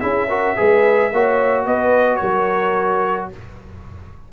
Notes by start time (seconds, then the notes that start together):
0.00 C#4 E4 G#4 E5
0.29 F#4 A#4
0.56 G#3 G#4 B4
1.12 A#3 F#4 C#5
1.65 B3 B4 D#5
2.16 A#4 C#5
2.22 F#3